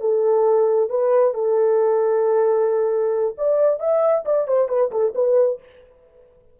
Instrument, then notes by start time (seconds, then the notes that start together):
horn
0.00 A4
0.89 B4
1.34 A4
3.37 D5
3.79 E5
4.25 D5
4.47 C5
4.68 B4
4.91 A4
5.14 B4